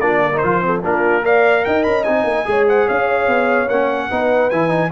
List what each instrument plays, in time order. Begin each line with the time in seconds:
0.00 tuba A#3, trombone D4, horn F4, trumpet D5
0.23 horn A#4
0.33 trombone D#4, trumpet C5
0.43 tuba F3, trombone F4
0.61 trombone C4, horn A4
0.82 tuba A#3, trombone D4, horn F4, trumpet A#4
1.22 trombone A#4, horn D5, trumpet F5
1.64 tuba D#4, horn D#5, trumpet G5
1.83 tuba C#4, trumpet B5
2.03 tuba C4, trombone D#4, trumpet G#5
2.23 tuba A#3
2.45 tuba G#3, trombone G#4, horn C#5
2.68 horn C5, trumpet F#5
2.85 tuba C#4, horn C#5, trumpet F5
3.27 tuba B3
3.68 tuba A#3, trombone C#4, trumpet F#5
4.09 tuba B3, trombone D#4, horn B4
4.50 tuba E3, trombone E4, trumpet G#5
4.69 trombone D#4